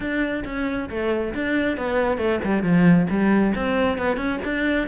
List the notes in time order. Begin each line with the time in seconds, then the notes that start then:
0.00 D4
0.45 C#4
0.89 A3
1.34 D4
1.77 B3
2.17 A3
2.43 G3
2.62 F3
3.09 G3
3.55 C4
3.97 B3
4.16 C#4
4.44 D4